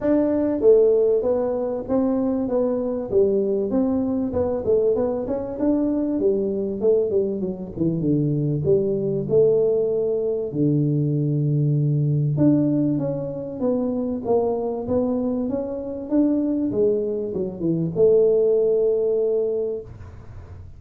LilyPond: \new Staff \with { instrumentName = "tuba" } { \time 4/4 \tempo 4 = 97 d'4 a4 b4 c'4 | b4 g4 c'4 b8 a8 | b8 cis'8 d'4 g4 a8 g8 | fis8 e8 d4 g4 a4~ |
a4 d2. | d'4 cis'4 b4 ais4 | b4 cis'4 d'4 gis4 | fis8 e8 a2. | }